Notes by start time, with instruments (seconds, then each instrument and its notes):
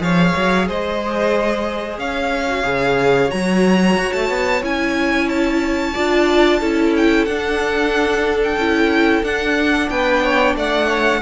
0.00 cello F3, viola G#4, violin C#5 F5
0.36 cello F#3
0.68 cello G#3, violin C5 D#5
1.98 cello C#4, violin C#5 F5
2.48 viola F#4
2.64 cello C#3, viola G#4
3.29 cello F#3, viola F#4, violin A#5
3.97 cello F#4
4.13 cello A3, violin A5
4.30 cello B3
4.63 cello C#4, viola E4, violin G#5
5.30 violin A5
5.94 cello D4, viola F4, violin D5
6.60 cello C#4, viola E4, violin A4
6.97 violin G5
7.26 cello D4, viola D4, violin F#5
8.44 violin G5
8.57 cello C#4, viola E4
9.23 cello D4, viola D4, violin F#5
9.90 cello B3, violin B4 G5
10.24 violin C#5
10.56 cello A3, violin D5 F#5
10.88 violin C#5